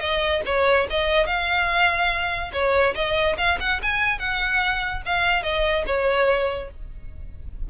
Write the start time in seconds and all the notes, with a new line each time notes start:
0.00 D#5
0.45 C#5
0.90 D#5
1.27 F5
2.53 C#5
2.95 D#5
3.38 F5
3.60 F#5
3.83 G#5
4.19 F#5
5.05 F5
5.43 D#5
5.87 C#5